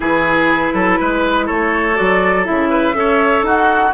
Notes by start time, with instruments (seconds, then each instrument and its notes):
0.00 bassoon E3, clarinet E4, oboe G#4, flute B4
0.73 bassoon F#3, oboe A4
1.00 bassoon G#3, oboe B4
1.46 bassoon A3, oboe A4, flute C#5
1.95 bassoon F#3, clarinet F#4, flute D5
2.44 bassoon C#3, clarinet E4, flute E5
2.70 oboe B4
2.93 bassoon C#4, clarinet A4, oboe C#5
3.42 bassoon D#4, oboe F#4, flute F#5